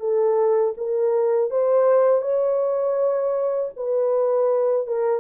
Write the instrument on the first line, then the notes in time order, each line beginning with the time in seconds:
horn
0.00 A4
0.77 A#4
1.50 C5
2.22 C#5
3.76 B4
4.87 A#4